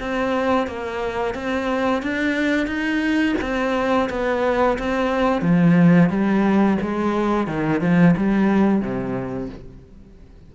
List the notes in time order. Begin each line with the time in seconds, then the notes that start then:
0.00 C4
0.68 A#3
1.35 C4
2.03 D4
2.67 D#4
3.41 C4
4.10 B3
4.79 C4
5.42 F3
6.10 G3
6.82 G#3
7.48 D#3
7.81 F3
8.17 G3
8.81 C3